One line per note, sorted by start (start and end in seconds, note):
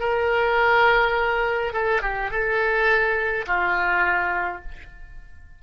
0.00 1.73 A#4
1.73 2.01 A4
2.01 2.30 G4
2.30 3.46 A4
3.46 4.62 F4